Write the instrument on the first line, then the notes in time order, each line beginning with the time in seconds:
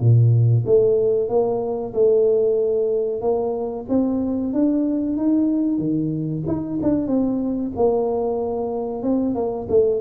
tuba
0.00 A#2
0.66 A3
1.29 A#3
1.94 A3
3.21 A#3
3.89 C4
4.53 D4
5.17 D#4
5.79 D#3
6.48 D#4
6.83 D4
7.07 C4
7.76 A#3
9.03 C4
9.35 A#3
9.69 A3